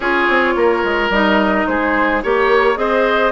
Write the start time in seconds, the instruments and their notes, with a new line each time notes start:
0.00 bassoon C#4, clarinet F4, oboe G#4, flute C#5
0.28 bassoon C4
0.55 bassoon A#3, oboe A#4
0.83 bassoon G#3
1.09 bassoon G3, clarinet D#4, flute D#5
1.66 bassoon G#3, oboe G#4, flute C5
2.23 bassoon A#3, clarinet G4, flute A#4, oboe C#5
2.75 bassoon C4, clarinet G#4, oboe C5, flute D#5